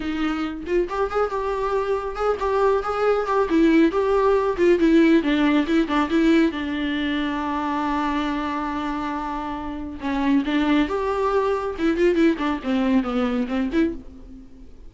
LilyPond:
\new Staff \with { instrumentName = "viola" } { \time 4/4 \tempo 4 = 138 dis'4. f'8 g'8 gis'8 g'4~ | g'4 gis'8 g'4 gis'4 g'8 | e'4 g'4. f'8 e'4 | d'4 e'8 d'8 e'4 d'4~ |
d'1~ | d'2. cis'4 | d'4 g'2 e'8 f'8 | e'8 d'8 c'4 b4 c'8 e'8 | }